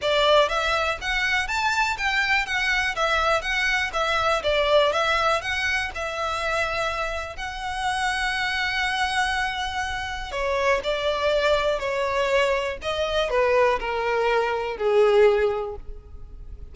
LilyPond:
\new Staff \with { instrumentName = "violin" } { \time 4/4 \tempo 4 = 122 d''4 e''4 fis''4 a''4 | g''4 fis''4 e''4 fis''4 | e''4 d''4 e''4 fis''4 | e''2. fis''4~ |
fis''1~ | fis''4 cis''4 d''2 | cis''2 dis''4 b'4 | ais'2 gis'2 | }